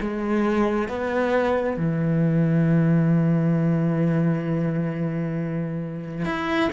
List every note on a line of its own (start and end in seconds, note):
0.00 0.88 G#3
0.88 1.77 B3
1.77 6.25 E3
6.25 6.70 E4